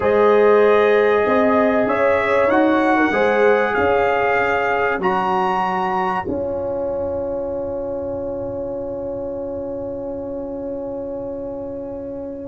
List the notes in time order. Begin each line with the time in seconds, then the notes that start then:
0.00 G#3 G#4 C5 D#5
1.26 C4 D#5
1.86 C#4 C#5 E5
2.47 D#4 F#4 F#5
2.96 A#4
3.10 G#3 G#4 C5
3.73 C#4 C#5 F5
4.98 F#3 F#4 A#5
6.24 C#4 F4 G#5